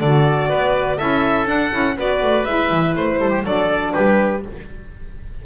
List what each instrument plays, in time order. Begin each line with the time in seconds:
0.00 double bass D3, saxophone F#4, oboe A4, violin D5
0.49 double bass B3, oboe B4
0.97 double bass C#4, saxophone E4, oboe A4, violin E5
1.45 saxophone D4, double bass D4, violin F#5
1.70 double bass C#4, saxophone E4
1.97 double bass B3, saxophone F#4, oboe B4, violin D5
2.22 double bass A3
2.45 double bass G#3, saxophone E4, violin E5
2.71 double bass E3
2.95 double bass A3, violin C5
3.18 double bass G3, oboe A4
3.30 oboe G4
3.44 double bass F#3, saxophone D4, oboe A4, violin D5
3.92 double bass G3, oboe G4, violin B4